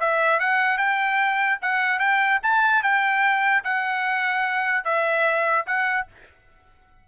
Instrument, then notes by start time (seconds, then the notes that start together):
trumpet
0.00 E5
0.40 F#5
0.78 G5
1.62 F#5
1.99 G5
2.43 A5
2.83 G5
3.64 F#5
4.85 E5
5.66 F#5